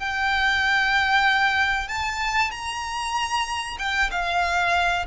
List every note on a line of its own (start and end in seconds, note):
0.00 1.89 G5
1.89 2.51 A5
2.51 3.78 A#5
3.79 4.11 G5
4.11 5.06 F5